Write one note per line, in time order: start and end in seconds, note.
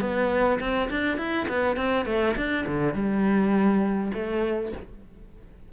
0.00 0.59 B3
0.60 0.89 C4
0.90 1.17 D4
1.17 1.47 E4
1.48 1.76 B3
1.76 2.05 C4
2.05 2.35 A3
2.36 2.65 D4
2.66 2.94 D3
2.94 4.11 G3
4.13 4.72 A3